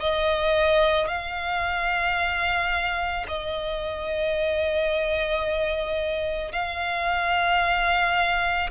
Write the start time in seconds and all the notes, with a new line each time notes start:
0.00 D#5
1.08 F5
3.28 D#5
6.52 F5